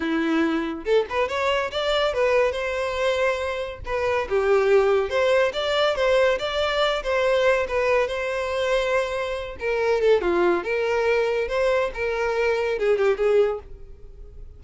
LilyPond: \new Staff \with { instrumentName = "violin" } { \time 4/4 \tempo 4 = 141 e'2 a'8 b'8 cis''4 | d''4 b'4 c''2~ | c''4 b'4 g'2 | c''4 d''4 c''4 d''4~ |
d''8 c''4. b'4 c''4~ | c''2~ c''8 ais'4 a'8 | f'4 ais'2 c''4 | ais'2 gis'8 g'8 gis'4 | }